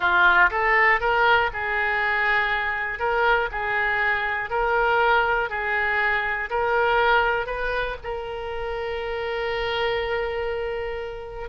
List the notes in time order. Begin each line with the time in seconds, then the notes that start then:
0.00 F4
0.50 A4
1.00 A#4
1.53 G#4
2.99 A#4
3.51 G#4
4.50 A#4
5.49 G#4
6.50 A#4
7.46 B4
8.03 A#4